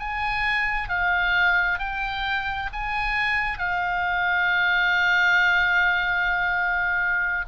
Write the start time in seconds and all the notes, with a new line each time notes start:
0.00 G#5
0.89 F5
1.79 G5
2.73 G#5
3.59 F5